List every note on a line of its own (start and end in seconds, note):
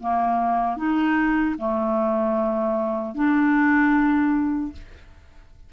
0.00 0.77 A#3
0.77 1.56 D#4
1.58 3.15 A3
3.15 4.73 D4